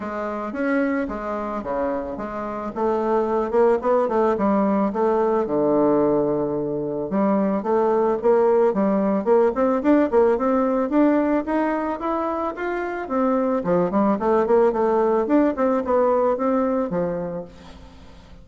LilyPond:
\new Staff \with { instrumentName = "bassoon" } { \time 4/4 \tempo 4 = 110 gis4 cis'4 gis4 cis4 | gis4 a4. ais8 b8 a8 | g4 a4 d2~ | d4 g4 a4 ais4 |
g4 ais8 c'8 d'8 ais8 c'4 | d'4 dis'4 e'4 f'4 | c'4 f8 g8 a8 ais8 a4 | d'8 c'8 b4 c'4 f4 | }